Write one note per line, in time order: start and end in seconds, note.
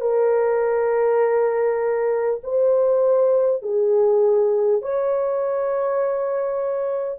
0.00 2.40 A#4
2.43 3.62 C5
3.62 4.81 G#4
4.81 7.18 C#5